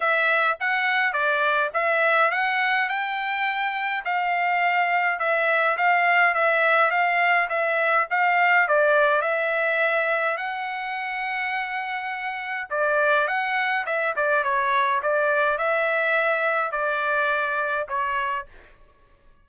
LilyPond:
\new Staff \with { instrumentName = "trumpet" } { \time 4/4 \tempo 4 = 104 e''4 fis''4 d''4 e''4 | fis''4 g''2 f''4~ | f''4 e''4 f''4 e''4 | f''4 e''4 f''4 d''4 |
e''2 fis''2~ | fis''2 d''4 fis''4 | e''8 d''8 cis''4 d''4 e''4~ | e''4 d''2 cis''4 | }